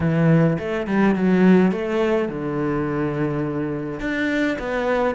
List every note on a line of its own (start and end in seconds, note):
0.00 0.57 E3
0.58 0.86 A3
0.86 1.15 G3
1.15 1.71 F#3
1.71 2.29 A3
2.29 4.00 D3
4.00 4.57 D4
4.58 5.15 B3